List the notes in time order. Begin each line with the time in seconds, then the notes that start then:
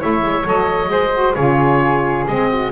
0.00 A3 E4 C#5 E5
0.22 G#3
0.45 F#3 A4 D#5
0.87 G#3 G#4 C5
1.13 F#4
1.34 C#3 F4 G#4 C#5
2.27 G#3 C4 D#5
2.48 F#4